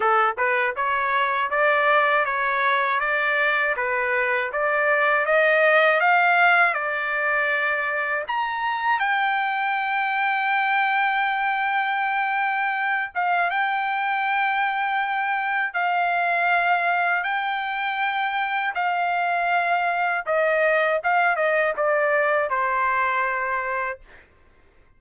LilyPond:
\new Staff \with { instrumentName = "trumpet" } { \time 4/4 \tempo 4 = 80 a'8 b'8 cis''4 d''4 cis''4 | d''4 b'4 d''4 dis''4 | f''4 d''2 ais''4 | g''1~ |
g''4. f''8 g''2~ | g''4 f''2 g''4~ | g''4 f''2 dis''4 | f''8 dis''8 d''4 c''2 | }